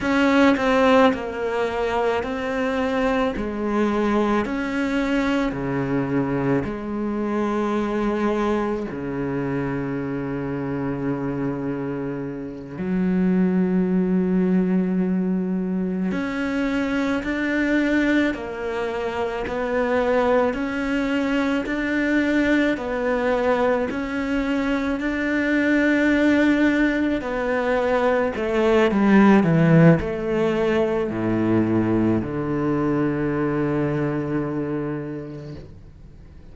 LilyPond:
\new Staff \with { instrumentName = "cello" } { \time 4/4 \tempo 4 = 54 cis'8 c'8 ais4 c'4 gis4 | cis'4 cis4 gis2 | cis2.~ cis8 fis8~ | fis2~ fis8 cis'4 d'8~ |
d'8 ais4 b4 cis'4 d'8~ | d'8 b4 cis'4 d'4.~ | d'8 b4 a8 g8 e8 a4 | a,4 d2. | }